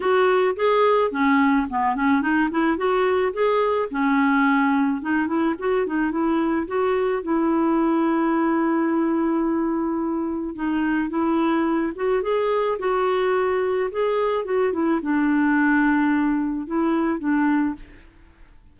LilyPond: \new Staff \with { instrumentName = "clarinet" } { \time 4/4 \tempo 4 = 108 fis'4 gis'4 cis'4 b8 cis'8 | dis'8 e'8 fis'4 gis'4 cis'4~ | cis'4 dis'8 e'8 fis'8 dis'8 e'4 | fis'4 e'2.~ |
e'2. dis'4 | e'4. fis'8 gis'4 fis'4~ | fis'4 gis'4 fis'8 e'8 d'4~ | d'2 e'4 d'4 | }